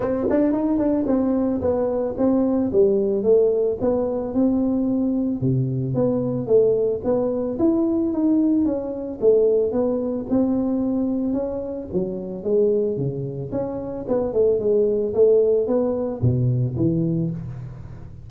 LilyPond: \new Staff \with { instrumentName = "tuba" } { \time 4/4 \tempo 4 = 111 c'8 d'8 dis'8 d'8 c'4 b4 | c'4 g4 a4 b4 | c'2 c4 b4 | a4 b4 e'4 dis'4 |
cis'4 a4 b4 c'4~ | c'4 cis'4 fis4 gis4 | cis4 cis'4 b8 a8 gis4 | a4 b4 b,4 e4 | }